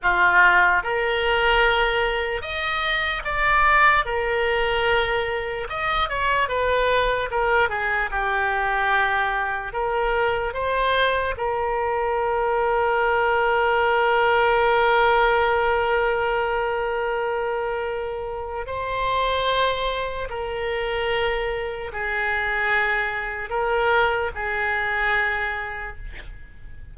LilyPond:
\new Staff \with { instrumentName = "oboe" } { \time 4/4 \tempo 4 = 74 f'4 ais'2 dis''4 | d''4 ais'2 dis''8 cis''8 | b'4 ais'8 gis'8 g'2 | ais'4 c''4 ais'2~ |
ais'1~ | ais'2. c''4~ | c''4 ais'2 gis'4~ | gis'4 ais'4 gis'2 | }